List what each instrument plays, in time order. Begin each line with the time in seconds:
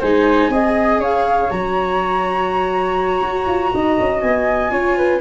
0.00 tuba G#3, viola D#4, flute C5 G#5
0.49 tuba C4, viola G#4, flute D#5
0.98 tuba C#4, flute C#5 F5
1.50 tuba F#3, viola F#4, flute A#5
3.22 tuba F#4
3.47 tuba F4
3.73 tuba D#4, flute D#5
3.99 tuba C#4
4.20 tuba B3, flute G#5
4.70 tuba C#4, viola F4, flute C#5
4.96 flute B4